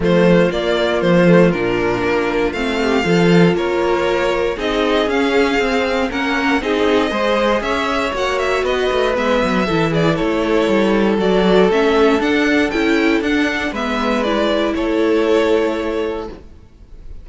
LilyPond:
<<
  \new Staff \with { instrumentName = "violin" } { \time 4/4 \tempo 4 = 118 c''4 d''4 c''4 ais'4~ | ais'4 f''2 cis''4~ | cis''4 dis''4 f''2 | fis''4 dis''2 e''4 |
fis''8 e''8 dis''4 e''4. d''8 | cis''2 d''4 e''4 | fis''4 g''4 fis''4 e''4 | d''4 cis''2. | }
  \new Staff \with { instrumentName = "violin" } { \time 4/4 f'1~ | f'4. g'8 a'4 ais'4~ | ais'4 gis'2. | ais'4 gis'4 c''4 cis''4~ |
cis''4 b'2 a'8 gis'8 | a'1~ | a'2. b'4~ | b'4 a'2. | }
  \new Staff \with { instrumentName = "viola" } { \time 4/4 a4 ais4. a8 d'4~ | d'4 c'4 f'2~ | f'4 dis'4 cis'4 c'4 | cis'4 dis'4 gis'2 |
fis'2 b4 e'4~ | e'2 fis'4 cis'4 | d'4 e'4 d'4 b4 | e'1 | }
  \new Staff \with { instrumentName = "cello" } { \time 4/4 f4 ais4 f4 ais,4 | ais4 a4 f4 ais4~ | ais4 c'4 cis'4 c'4 | ais4 c'4 gis4 cis'4 |
ais4 b8 a8 gis8 fis8 e4 | a4 g4 fis4 a4 | d'4 cis'4 d'4 gis4~ | gis4 a2. | }
>>